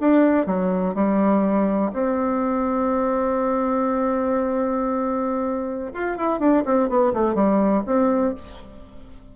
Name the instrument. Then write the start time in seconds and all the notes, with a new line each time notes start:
bassoon
0.00 D4
0.46 F#3
0.94 G3
1.92 C4
5.94 F4
6.17 E4
6.39 D4
6.65 C4
6.88 B3
7.13 A3
7.34 G3
7.86 C4